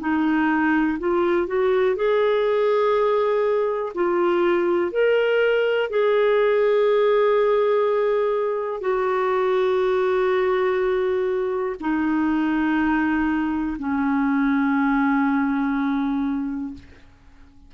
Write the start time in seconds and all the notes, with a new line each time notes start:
0.00 D#4
0.99 F4
1.48 F#4
1.96 G#4
3.95 F4
4.92 A#4
5.90 G#4
8.81 F#4
11.80 D#4
13.79 C#4